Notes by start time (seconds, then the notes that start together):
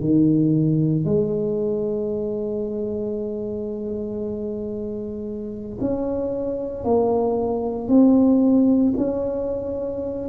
0.00 D#3
1.05 G#3
5.80 C#4
6.84 A#3
7.88 C4
8.97 C#4